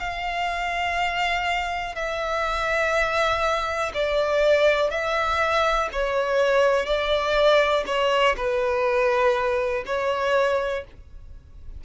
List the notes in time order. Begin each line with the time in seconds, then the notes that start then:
0.00 F5
1.96 E5
3.94 D5
4.91 E5
5.93 C#5
6.86 D5
7.87 C#5
8.37 B4
9.87 C#5